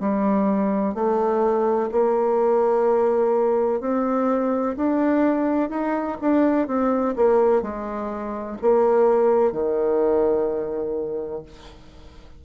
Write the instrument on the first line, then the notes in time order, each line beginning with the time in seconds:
bassoon
0.00 G3
0.94 A3
1.92 A#3
3.81 C4
4.77 D4
5.70 D#4
6.21 D4
6.67 C4
7.16 A#3
7.62 G#3
8.61 A#3
9.52 D#3